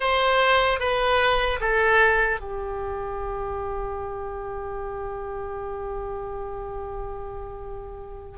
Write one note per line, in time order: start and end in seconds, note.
0.00 0.79 C5
0.79 1.59 B4
1.60 2.40 A4
2.40 8.38 G4